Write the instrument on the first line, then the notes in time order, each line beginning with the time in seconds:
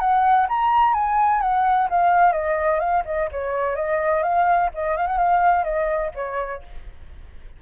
flute
0.00 F#5
0.49 A#5
0.94 G#5
1.42 F#5
1.90 F5
2.33 D#5
2.80 F5
3.06 D#5
3.32 C#5
3.76 D#5
4.23 F5
4.75 D#5
4.97 F5
5.07 F#5
5.18 F5
5.65 D#5
6.15 C#5